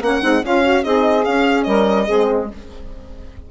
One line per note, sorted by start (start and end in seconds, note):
0.00 0.21 A#3
0.00 0.22 C#4
0.00 0.44 F#5
0.21 0.41 G#3
0.21 0.43 C4
0.21 0.42 D#4
0.41 0.82 C#4
0.41 0.84 C#4
0.41 0.63 F4
0.41 0.84 F5
0.63 0.84 F#4
0.82 1.25 C4
0.82 1.23 D#4
0.82 1.66 G#4
0.82 1.24 D#5
1.24 2.07 C#4
1.24 1.66 C#4
1.24 1.63 F5
1.63 2.07 G3
1.63 2.06 A#4
1.63 2.45 D#5
2.06 2.51 G#3
2.06 2.48 C4
2.06 2.47 G#4